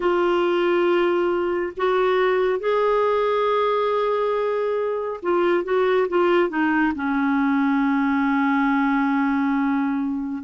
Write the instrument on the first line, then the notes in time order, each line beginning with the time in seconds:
clarinet
0.00 F4
1.76 F#4
2.59 G#4
5.22 F4
5.64 F#4
6.08 F4
6.49 D#4
6.95 C#4